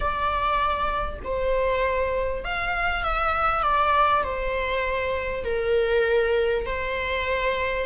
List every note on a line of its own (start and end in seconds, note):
0.00 1.19 D5
1.24 2.44 C5
2.44 3.04 F5
3.04 3.63 E5
3.63 4.23 D5
4.23 5.44 C5
5.44 6.65 A#4
6.66 7.86 C5